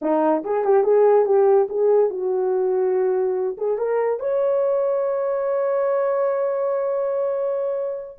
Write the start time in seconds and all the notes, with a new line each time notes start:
0.01 D#4
0.43 G#4
0.64 G4
0.83 G#4
1.25 G4
1.69 G#4
2.09 F#4
3.57 G#4
3.77 A#4
4.19 C#5